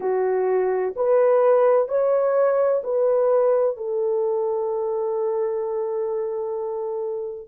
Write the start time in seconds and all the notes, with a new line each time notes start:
0.00 F#4
0.96 B4
1.88 C#5
2.83 B4
3.76 A4